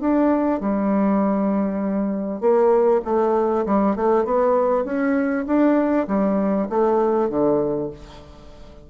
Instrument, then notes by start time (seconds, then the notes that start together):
bassoon
0.00 D4
0.60 G3
2.40 A#3
3.04 A3
3.66 G3
3.95 A3
4.24 B3
4.84 C#4
5.46 D4
6.07 G3
6.69 A3
7.29 D3